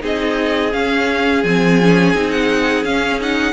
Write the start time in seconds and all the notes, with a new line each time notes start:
0.00 C4 D#4 G#4 D#5
0.72 C#4 F5
1.43 F3 C4 G#5
1.81 C#4
2.14 C4 D#4
2.30 F#5
2.83 C#4 F5
3.20 D#4 F#5